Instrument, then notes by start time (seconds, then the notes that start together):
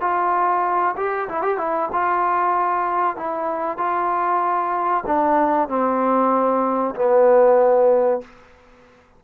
trombone
0.00 F4
0.96 G4
1.28 E4
1.42 G4
1.57 E4
1.92 F4
3.16 E4
3.77 F4
5.06 D4
5.68 C4
6.95 B3